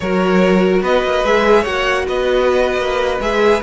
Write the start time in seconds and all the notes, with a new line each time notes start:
0.00 F#3 F#4 A#4 C#5
0.82 B3 B4 D#5
1.03 A#3
1.24 G#3 G#4 E5
1.61 A#3 F#4 C#5 F#5
2.07 B3 B4 D#5
2.77 A#3
3.20 G#3 G#4 E5